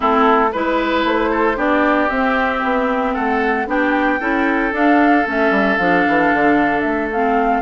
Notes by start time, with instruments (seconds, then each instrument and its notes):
0.00 bassoon A3, clarinet C4, oboe E4, flute A4
0.52 bassoon G#3, clarinet E4, flute B4, oboe B4
1.04 bassoon A3, flute C5
1.31 oboe A4
1.56 bassoon B3, clarinet D4, oboe G4, flute D5
2.09 bassoon C4, clarinet C4, flute E5
2.63 bassoon B3
3.13 bassoon A3, oboe A4, flute F#5
3.66 bassoon B3, clarinet D4, oboe G4, flute G5
4.20 bassoon C#4, clarinet E4, oboe A4
4.71 clarinet D4, bassoon D4, flute F5
5.26 bassoon A3, clarinet C#4, flute E5
5.50 bassoon G3
5.77 bassoon F3, clarinet D4, flute F5
6.07 bassoon E3
6.32 bassoon D3
6.80 bassoon A3, flute E5
7.12 clarinet C4, flute F5